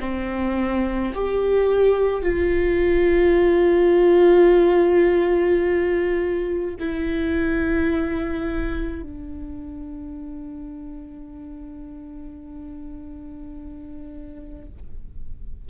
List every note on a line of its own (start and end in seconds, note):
0.00 1.13 C4
1.15 2.22 G4
2.22 6.75 F4
6.79 9.03 E4
9.03 14.69 D4